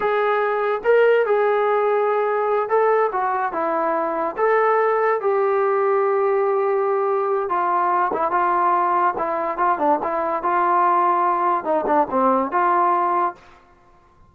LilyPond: \new Staff \with { instrumentName = "trombone" } { \time 4/4 \tempo 4 = 144 gis'2 ais'4 gis'4~ | gis'2~ gis'8 a'4 fis'8~ | fis'8 e'2 a'4.~ | a'8 g'2.~ g'8~ |
g'2 f'4. e'8 | f'2 e'4 f'8 d'8 | e'4 f'2. | dis'8 d'8 c'4 f'2 | }